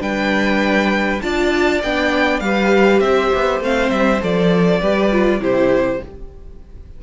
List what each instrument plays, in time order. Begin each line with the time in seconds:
0.00 cello G3, viola D4, violin B4 G5
1.21 cello D4, viola F4, violin D5 A5
1.83 cello B3, viola D4, violin G5
2.40 cello G3, viola G4, violin B4 F5
3.00 cello C4, violin C5 E5
3.34 cello B3
3.60 cello A3, viola C4, violin F5
3.91 cello G3, violin E5
4.21 cello F3, viola A4, violin D5
4.80 cello G3, viola G4, violin B4
5.11 viola F4
5.39 cello C3, viola E4, violin G4 C5